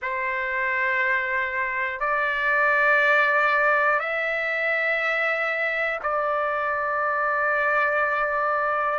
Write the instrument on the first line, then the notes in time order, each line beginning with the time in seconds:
trumpet
0.02 C5
2.00 D5
3.99 E5
6.02 D5